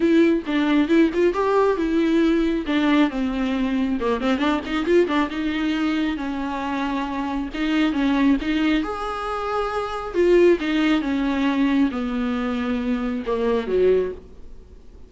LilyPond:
\new Staff \with { instrumentName = "viola" } { \time 4/4 \tempo 4 = 136 e'4 d'4 e'8 f'8 g'4 | e'2 d'4 c'4~ | c'4 ais8 c'8 d'8 dis'8 f'8 d'8 | dis'2 cis'2~ |
cis'4 dis'4 cis'4 dis'4 | gis'2. f'4 | dis'4 cis'2 b4~ | b2 ais4 fis4 | }